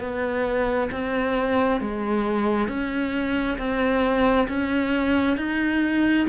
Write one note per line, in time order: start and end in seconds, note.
0.00 0.90 B3
0.91 1.81 C4
1.81 2.68 G#3
2.68 3.57 C#4
3.58 4.47 C4
4.48 5.37 C#4
5.37 6.26 D#4